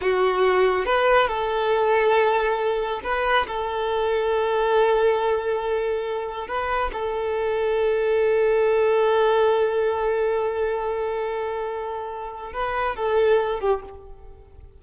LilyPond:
\new Staff \with { instrumentName = "violin" } { \time 4/4 \tempo 4 = 139 fis'2 b'4 a'4~ | a'2. b'4 | a'1~ | a'2. b'4 |
a'1~ | a'1~ | a'1~ | a'4 b'4 a'4. g'8 | }